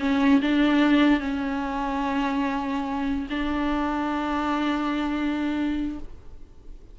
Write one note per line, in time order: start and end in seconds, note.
0.00 0.41 C#4
0.42 1.21 D4
1.21 3.28 C#4
3.30 5.99 D4